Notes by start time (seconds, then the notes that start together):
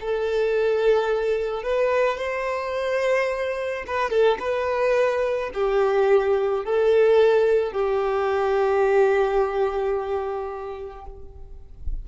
0.00 A4
1.63 B4
2.18 C5
3.87 B4
4.10 A4
4.40 B4
5.54 G4
6.65 A4
7.72 G4